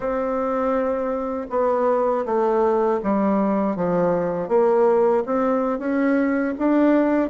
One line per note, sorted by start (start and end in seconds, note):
0.00 1.46 C4
1.50 2.25 B3
2.25 3.00 A3
3.03 3.75 G3
3.75 4.48 F3
4.48 5.23 A#3
5.25 5.79 C4
5.79 6.54 C#4
6.58 7.30 D4